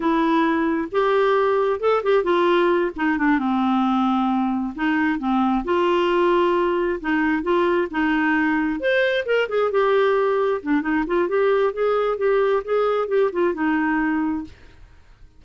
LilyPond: \new Staff \with { instrumentName = "clarinet" } { \time 4/4 \tempo 4 = 133 e'2 g'2 | a'8 g'8 f'4. dis'8 d'8 c'8~ | c'2~ c'8 dis'4 c'8~ | c'8 f'2. dis'8~ |
dis'8 f'4 dis'2 c''8~ | c''8 ais'8 gis'8 g'2 d'8 | dis'8 f'8 g'4 gis'4 g'4 | gis'4 g'8 f'8 dis'2 | }